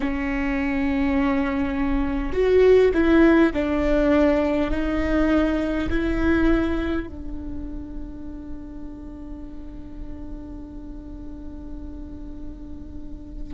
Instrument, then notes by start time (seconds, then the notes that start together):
viola
0.00 C#4
2.33 F#4
2.94 E4
3.53 D4
4.71 D#4
5.89 E4
7.06 D4